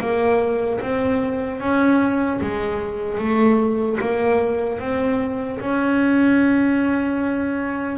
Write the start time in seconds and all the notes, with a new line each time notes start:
0.00 A#3
0.80 C4
1.60 C#4
2.41 G#3
3.18 A3
4.00 A#3
4.79 C4
5.60 C#4